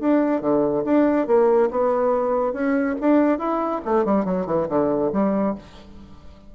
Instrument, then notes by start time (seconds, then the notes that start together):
bassoon
0.00 D4
0.41 D3
0.85 D4
1.27 A#3
1.71 B3
2.53 C#4
3.01 D4
3.39 E4
3.85 A3
4.05 G3
4.26 F#3
4.47 E3
4.69 D3
5.13 G3